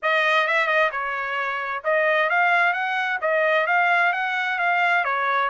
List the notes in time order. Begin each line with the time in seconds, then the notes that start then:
0.02 D#5
0.47 E5
0.67 D#5
0.91 C#5
1.84 D#5
2.29 F5
2.73 F#5
3.21 D#5
3.66 F5
4.13 F#5
4.58 F5
5.04 C#5